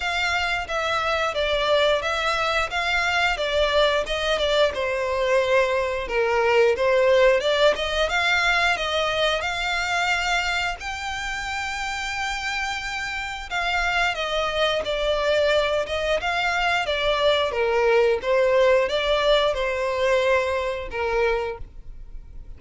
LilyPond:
\new Staff \with { instrumentName = "violin" } { \time 4/4 \tempo 4 = 89 f''4 e''4 d''4 e''4 | f''4 d''4 dis''8 d''8 c''4~ | c''4 ais'4 c''4 d''8 dis''8 | f''4 dis''4 f''2 |
g''1 | f''4 dis''4 d''4. dis''8 | f''4 d''4 ais'4 c''4 | d''4 c''2 ais'4 | }